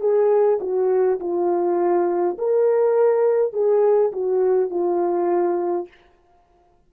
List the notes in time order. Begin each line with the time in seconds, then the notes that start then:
0.00 G#4
0.60 F#4
1.19 F4
2.38 A#4
3.53 G#4
4.12 F#4
4.70 F4